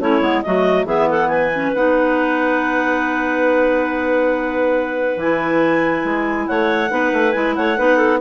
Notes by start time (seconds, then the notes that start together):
0.00 A3 C#4 E4 C#5
0.21 G#3 B3
0.42 F#3 A3 F#4 D#5
0.85 E3 B3 G#4 E5
1.09 A4 F#5
1.28 B4 G#5
1.54 C#4
1.74 B3 D#4 F#5
5.17 E3 E4 G#5
6.04 G#3
6.48 A3 C#5 F#5
6.89 B3 D#4 B4
7.12 A3
7.32 G#3 E4 G#5
7.55 A3 C#5 F#5
7.78 B3 D#4 B4
7.97 A4